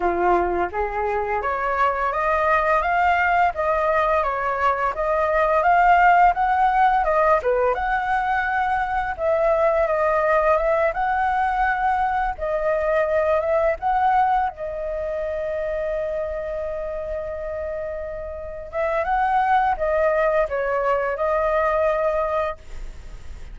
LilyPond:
\new Staff \with { instrumentName = "flute" } { \time 4/4 \tempo 4 = 85 f'4 gis'4 cis''4 dis''4 | f''4 dis''4 cis''4 dis''4 | f''4 fis''4 dis''8 b'8 fis''4~ | fis''4 e''4 dis''4 e''8 fis''8~ |
fis''4. dis''4. e''8 fis''8~ | fis''8 dis''2.~ dis''8~ | dis''2~ dis''8 e''8 fis''4 | dis''4 cis''4 dis''2 | }